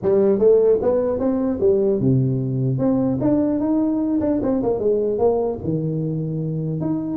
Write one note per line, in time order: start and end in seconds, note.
0.02 0.39 G3
0.39 0.79 A3
0.81 1.19 B3
1.19 1.59 C4
1.59 1.99 G3
1.99 2.78 C3
2.78 3.18 C4
3.20 3.59 D4
3.59 4.19 D#4
4.20 4.40 D4
4.42 4.62 C4
4.63 4.79 A#3
4.79 5.18 G#3
5.18 5.58 A#3
5.63 6.80 D#3
6.80 7.17 D#4